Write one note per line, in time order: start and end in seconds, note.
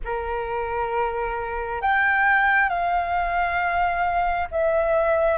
0.04 1.82 A#4
1.82 2.69 G5
2.69 4.48 F5
4.51 5.38 E5